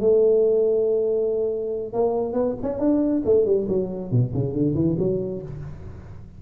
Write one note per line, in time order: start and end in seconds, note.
0.00 1.93 A3
1.93 2.33 A#3
2.33 2.55 B3
2.63 2.79 C#4
2.79 3.22 D4
3.25 3.46 A3
3.46 3.67 G3
3.68 4.11 F#3
4.11 4.33 B2
4.34 4.53 C#3
4.53 4.75 D3
4.75 4.96 E3
4.99 5.42 F#3